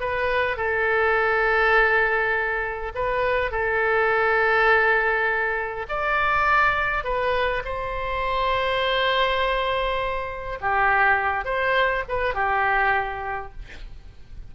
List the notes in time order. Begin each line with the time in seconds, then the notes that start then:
0.00 B4
0.57 A4
2.95 B4
3.51 A4
5.89 D5
7.04 B4
7.64 C5
10.61 G4
11.45 C5
12.08 B4
12.34 G4